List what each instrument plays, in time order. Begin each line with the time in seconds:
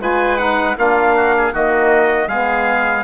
0.00 bassoon G#3, saxophone F4, oboe B4, trumpet G#5
0.38 saxophone D#4, trumpet F#5
0.77 bassoon A#3, saxophone D4, oboe F4, trumpet F5
1.16 oboe F#4
1.37 oboe G#4
1.52 bassoon D#3, saxophone A#3, oboe F#4, trumpet D#5
2.28 bassoon G#3, saxophone B3, oboe G#4, trumpet F5